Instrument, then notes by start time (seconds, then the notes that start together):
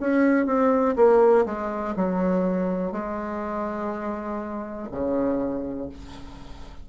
bassoon
0.00 C#4
0.46 C4
0.96 A#3
1.45 G#3
1.96 F#3
2.92 G#3
4.91 C#3